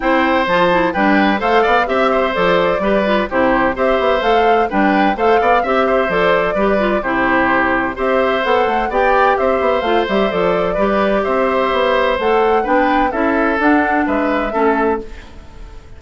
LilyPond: <<
  \new Staff \with { instrumentName = "flute" } { \time 4/4 \tempo 4 = 128 g''4 a''4 g''4 f''4 | e''4 d''2 c''4 | e''4 f''4 g''4 f''4 | e''4 d''2 c''4~ |
c''4 e''4 fis''4 g''4 | e''4 f''8 e''8 d''2 | e''2 fis''4 g''4 | e''4 fis''4 e''2 | }
  \new Staff \with { instrumentName = "oboe" } { \time 4/4 c''2 b'4 c''8 d''8 | e''8 c''4. b'4 g'4 | c''2 b'4 c''8 d''8 | e''8 c''4. b'4 g'4~ |
g'4 c''2 d''4 | c''2. b'4 | c''2. b'4 | a'2 b'4 a'4 | }
  \new Staff \with { instrumentName = "clarinet" } { \time 4/4 e'4 f'8 e'8 d'4 a'4 | g'4 a'4 g'8 f'8 e'4 | g'4 a'4 d'4 a'4 | g'4 a'4 g'8 f'8 e'4~ |
e'4 g'4 a'4 g'4~ | g'4 f'8 g'8 a'4 g'4~ | g'2 a'4 d'4 | e'4 d'2 cis'4 | }
  \new Staff \with { instrumentName = "bassoon" } { \time 4/4 c'4 f4 g4 a8 b8 | c'4 f4 g4 c4 | c'8 b8 a4 g4 a8 b8 | c'4 f4 g4 c4~ |
c4 c'4 b8 a8 b4 | c'8 b8 a8 g8 f4 g4 | c'4 b4 a4 b4 | cis'4 d'4 gis4 a4 | }
>>